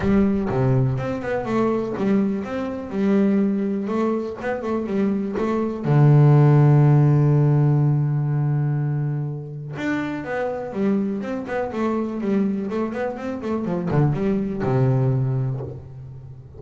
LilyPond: \new Staff \with { instrumentName = "double bass" } { \time 4/4 \tempo 4 = 123 g4 c4 c'8 b8 a4 | g4 c'4 g2 | a4 b8 a8 g4 a4 | d1~ |
d1 | d'4 b4 g4 c'8 b8 | a4 g4 a8 b8 c'8 a8 | f8 d8 g4 c2 | }